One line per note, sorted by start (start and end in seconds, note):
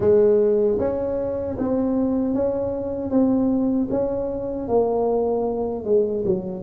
0.00 0.78 G#3
0.79 1.57 C#4
1.58 2.34 C4
2.34 3.10 C#4
3.10 3.88 C4
3.90 4.68 C#4
4.68 5.84 A#3
5.84 6.23 G#3
6.25 6.62 F#3